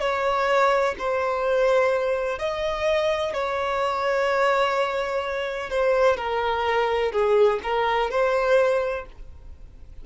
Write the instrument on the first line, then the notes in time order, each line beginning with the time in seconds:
violin
0.00 C#5
0.99 C5
2.39 D#5
3.34 C#5
5.70 C5
6.17 A#4
7.12 G#4
7.63 A#4
8.11 C5